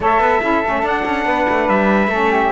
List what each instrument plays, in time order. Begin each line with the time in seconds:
0.00 cello A3, saxophone A4, flute C#5, trumpet E5
0.19 cello B3, flute B4
0.42 cello C#4, saxophone E4, flute A4
0.63 cello A3, saxophone C#4
0.81 saxophone D4, cello D4, trumpet F#5
1.05 cello C#4
1.25 cello B3, flute B4
1.48 cello A3
1.68 cello G3, trumpet E5
2.07 cello A3, saxophone C#4, flute A4
2.31 flute G4